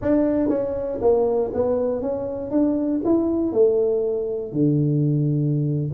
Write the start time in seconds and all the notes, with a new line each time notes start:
0.01 D4
0.49 C#4
1.01 A#3
1.53 B3
2.01 C#4
2.50 D4
3.04 E4
3.52 A3
4.52 D3